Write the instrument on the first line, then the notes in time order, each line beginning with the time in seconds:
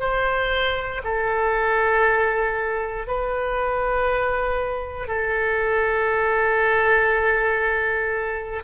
oboe
0.00 C5
1.04 A4
3.07 B4
5.08 A4